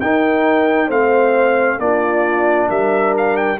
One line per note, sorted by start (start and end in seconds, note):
0.00 0.88 D#4
0.00 0.89 D#4
0.00 0.87 A#4
0.00 0.90 G5
0.87 1.78 A3
0.87 1.79 C4
0.87 1.77 C5
0.87 1.79 F5
1.78 2.68 A#3
1.78 3.58 D4
1.78 2.68 F4
1.78 2.69 D5
2.68 3.59 G3
2.68 3.58 A#4
2.68 3.15 E5
3.17 3.37 F5
3.37 3.59 G5